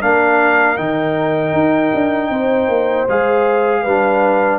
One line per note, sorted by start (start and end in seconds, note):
0.00 0.78 A#3
0.00 0.77 D4
0.00 2.31 A#4
0.00 0.77 F5
0.77 1.53 D#3
0.77 3.08 D#4
0.77 3.08 G5
1.53 1.92 D#4
1.94 2.30 D4
2.30 2.68 C4
2.30 3.82 C5
2.68 3.07 A#3
3.08 3.85 G#3
3.08 3.86 G#4
3.08 4.59 F5
3.82 4.59 G3
3.82 4.59 D4
3.82 4.59 B4